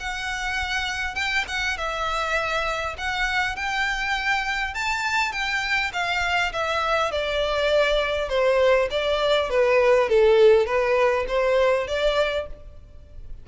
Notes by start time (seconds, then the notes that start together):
0.00 F#5
1.15 G5
1.48 F#5
1.77 E5
2.98 F#5
3.56 G5
4.74 A5
5.32 G5
5.93 F5
6.53 E5
7.11 D5
8.29 C5
8.91 D5
9.50 B4
10.09 A4
10.66 B4
11.28 C5
11.87 D5